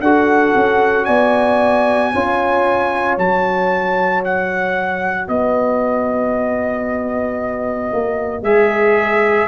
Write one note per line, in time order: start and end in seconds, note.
0.00 0.53 D4
0.00 2.14 F#4
0.00 1.06 A4
0.00 1.05 F#5
0.55 1.08 C#4
1.05 2.13 B3
1.05 2.11 D5
1.05 3.15 G#5
2.13 3.17 C#4
2.13 3.19 F4
2.13 5.28 C#5
3.17 5.28 F#3
3.17 8.44 F#4
3.17 4.23 A5
4.24 5.28 F#5
5.28 7.91 B3
5.28 9.48 B4
5.28 8.44 D#5
7.93 8.42 A#3
8.42 9.47 G#3
8.42 9.48 G#4
8.42 9.48 E5